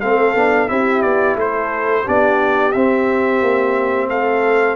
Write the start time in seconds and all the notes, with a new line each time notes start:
0.00 A3 C4 A4 F5
0.35 B3 D4
0.68 C4 E4 G4 E5
1.01 B3 D5
1.35 A3 A4 C5
2.04 B3 D4 G4 D5
2.72 C4 E5
3.41 A#3
4.08 A3 A4 F5